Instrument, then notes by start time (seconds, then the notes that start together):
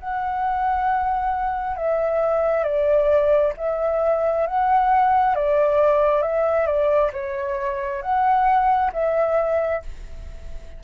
flute
0.00 F#5
1.76 E5
2.63 D5
3.57 E5
4.47 F#5
5.35 D5
6.22 E5
6.66 D5
7.13 C#5
8.02 F#5
8.93 E5